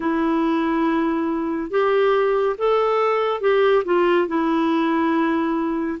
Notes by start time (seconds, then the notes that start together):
0.00 E4
1.70 G4
2.58 A4
3.41 G4
3.85 F4
4.27 E4